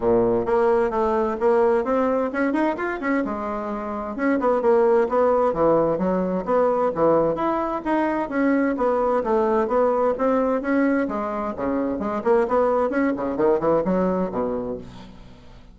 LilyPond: \new Staff \with { instrumentName = "bassoon" } { \time 4/4 \tempo 4 = 130 ais,4 ais4 a4 ais4 | c'4 cis'8 dis'8 f'8 cis'8 gis4~ | gis4 cis'8 b8 ais4 b4 | e4 fis4 b4 e4 |
e'4 dis'4 cis'4 b4 | a4 b4 c'4 cis'4 | gis4 cis4 gis8 ais8 b4 | cis'8 cis8 dis8 e8 fis4 b,4 | }